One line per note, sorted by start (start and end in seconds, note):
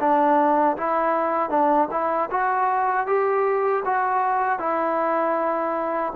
0.00 0.77 D4
0.77 1.50 E4
1.50 1.88 D4
1.91 2.30 E4
2.31 3.07 F#4
3.07 3.84 G4
3.85 4.59 F#4
4.59 6.13 E4